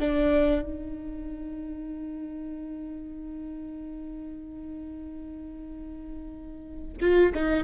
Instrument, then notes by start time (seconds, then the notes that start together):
viola
0.00 D4
0.62 D#4
7.01 F4
7.35 D#4